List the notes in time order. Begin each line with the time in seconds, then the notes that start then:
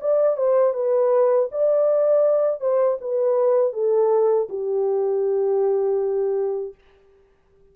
0.00 D5
0.36 C5
0.73 B4
1.51 D5
2.60 C5
3.01 B4
3.73 A4
4.49 G4